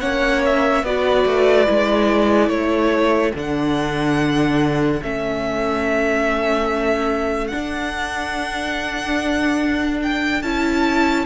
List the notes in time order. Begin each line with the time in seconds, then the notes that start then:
0.00 A#3 C#4 C#5 F#5
0.45 E5
0.83 B3 F#4 B4 D5
1.26 A3
1.66 G#3 E4
2.49 A3 A4 C#5
3.34 D3 D4 F#5
5.02 A3 C#4 E5
7.47 D4 F#5
10.02 G5
10.42 C#4 E4 A5